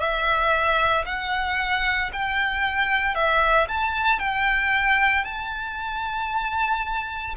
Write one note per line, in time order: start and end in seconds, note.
0.00 1.05 E5
1.06 2.11 F#5
2.13 3.15 G5
3.15 3.68 E5
3.68 4.20 A5
4.20 5.24 G5
5.24 7.35 A5